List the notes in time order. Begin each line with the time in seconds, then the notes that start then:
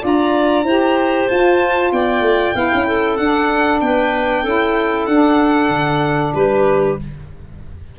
0.00 D4 F4 D5
0.06 A#5
0.63 E4 G4 C5
1.28 F4 A5
1.92 B3 D5 G5
2.21 A3
2.54 B3 E4 F5
2.74 C#4
2.86 A4
3.16 D4 F#5
3.80 B3 B4 G5
4.43 C#4 E4 A4
5.06 D4 F#5
5.69 D3
6.34 G3 G4 B4